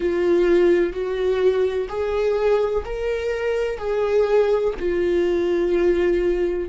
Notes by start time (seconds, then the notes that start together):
0.00 F4
0.93 F#4
1.88 G#4
2.84 A#4
3.78 G#4
4.79 F4